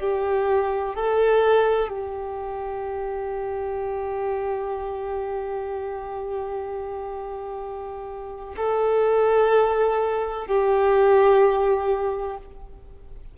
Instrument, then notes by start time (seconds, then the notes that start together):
violin
0.00 G4
0.95 A4
1.89 G4
8.57 A4
10.47 G4